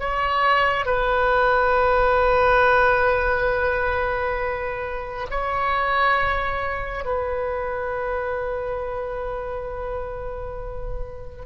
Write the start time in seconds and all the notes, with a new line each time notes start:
0.00 C#5
0.86 B4
5.31 C#5
7.05 B4